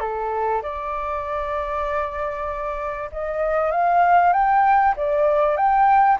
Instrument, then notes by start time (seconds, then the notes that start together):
flute
0.00 A4
0.62 D5
3.12 D#5
3.71 F5
4.33 G5
4.96 D5
5.56 G5